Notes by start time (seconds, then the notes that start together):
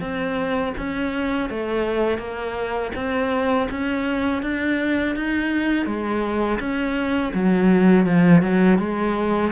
0.00 C4
0.77 C#4
1.49 A3
2.18 A#3
2.95 C4
3.70 C#4
4.42 D4
5.15 D#4
5.86 G#3
6.59 C#4
7.34 F#3
8.06 F3
8.42 F#3
8.78 G#3